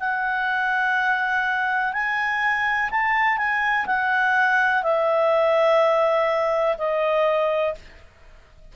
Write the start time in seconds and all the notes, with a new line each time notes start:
0.00 F#5
1.93 G#5
2.91 A5
3.37 G#5
3.86 F#5
4.83 E5
6.78 D#5